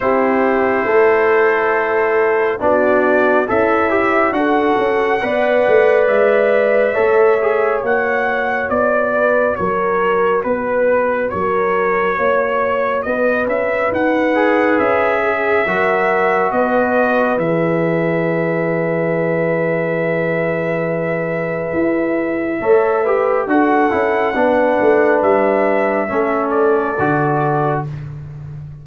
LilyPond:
<<
  \new Staff \with { instrumentName = "trumpet" } { \time 4/4 \tempo 4 = 69 c''2. d''4 | e''4 fis''2 e''4~ | e''4 fis''4 d''4 cis''4 | b'4 cis''2 dis''8 e''8 |
fis''4 e''2 dis''4 | e''1~ | e''2. fis''4~ | fis''4 e''4. d''4. | }
  \new Staff \with { instrumentName = "horn" } { \time 4/4 g'4 a'2 fis'4 | e'4 a'4 d''2 | cis''2~ cis''8 b'8 ais'4 | b'4 ais'4 cis''4 b'4~ |
b'4. gis'8 ais'4 b'4~ | b'1~ | b'2 cis''8 b'8 a'4 | b'2 a'2 | }
  \new Staff \with { instrumentName = "trombone" } { \time 4/4 e'2. d'4 | a'8 g'8 fis'4 b'2 | a'8 gis'8 fis'2.~ | fis'1~ |
fis'8 gis'4. fis'2 | gis'1~ | gis'2 a'8 g'8 fis'8 e'8 | d'2 cis'4 fis'4 | }
  \new Staff \with { instrumentName = "tuba" } { \time 4/4 c'4 a2 b4 | cis'4 d'8 cis'8 b8 a8 gis4 | a4 ais4 b4 fis4 | b4 fis4 ais4 b8 cis'8 |
dis'4 cis'4 fis4 b4 | e1~ | e4 e'4 a4 d'8 cis'8 | b8 a8 g4 a4 d4 | }
>>